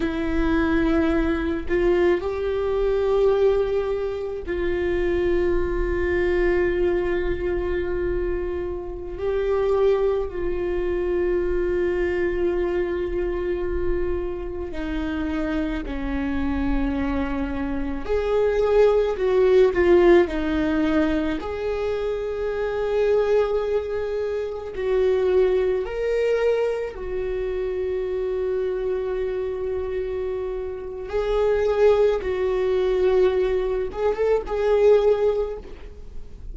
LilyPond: \new Staff \with { instrumentName = "viola" } { \time 4/4 \tempo 4 = 54 e'4. f'8 g'2 | f'1~ | f'16 g'4 f'2~ f'8.~ | f'4~ f'16 dis'4 cis'4.~ cis'16~ |
cis'16 gis'4 fis'8 f'8 dis'4 gis'8.~ | gis'2~ gis'16 fis'4 ais'8.~ | ais'16 fis'2.~ fis'8. | gis'4 fis'4. gis'16 a'16 gis'4 | }